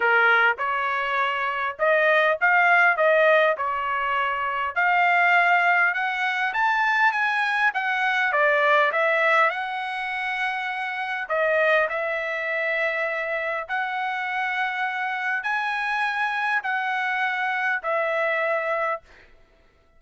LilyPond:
\new Staff \with { instrumentName = "trumpet" } { \time 4/4 \tempo 4 = 101 ais'4 cis''2 dis''4 | f''4 dis''4 cis''2 | f''2 fis''4 a''4 | gis''4 fis''4 d''4 e''4 |
fis''2. dis''4 | e''2. fis''4~ | fis''2 gis''2 | fis''2 e''2 | }